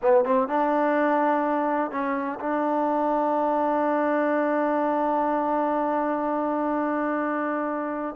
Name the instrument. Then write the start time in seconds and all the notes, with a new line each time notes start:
trombone
0.02 B3
0.24 C4
0.47 D4
1.91 C#4
2.40 D4